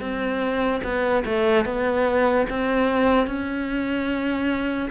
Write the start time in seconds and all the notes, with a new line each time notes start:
0.00 C4
0.83 B3
1.25 A3
1.65 B3
2.49 C4
3.27 C#4